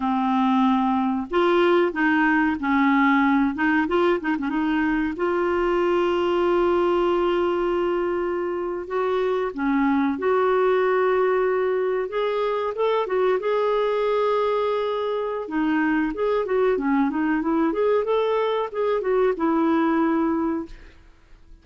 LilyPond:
\new Staff \with { instrumentName = "clarinet" } { \time 4/4 \tempo 4 = 93 c'2 f'4 dis'4 | cis'4. dis'8 f'8 dis'16 cis'16 dis'4 | f'1~ | f'4.~ f'16 fis'4 cis'4 fis'16~ |
fis'2~ fis'8. gis'4 a'16~ | a'16 fis'8 gis'2.~ gis'16 | dis'4 gis'8 fis'8 cis'8 dis'8 e'8 gis'8 | a'4 gis'8 fis'8 e'2 | }